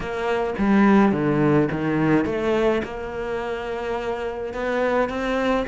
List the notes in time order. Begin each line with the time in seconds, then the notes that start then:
0.00 A#3
0.58 G3
1.12 D3
1.71 D#3
2.25 A3
2.84 A#3
4.53 B3
5.09 C4